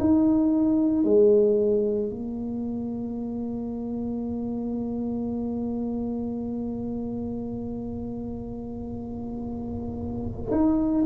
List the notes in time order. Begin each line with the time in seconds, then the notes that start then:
0.00 D#4
1.04 G#3
2.10 A#3
10.52 D#4